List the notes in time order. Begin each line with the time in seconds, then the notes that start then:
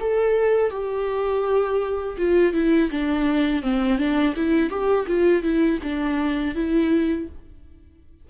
0.00 A4
0.71 G4
2.18 F4
2.53 E4
2.91 D4
3.63 C4
3.98 D4
4.36 E4
4.70 G4
5.08 F4
5.43 E4
5.83 D4
6.55 E4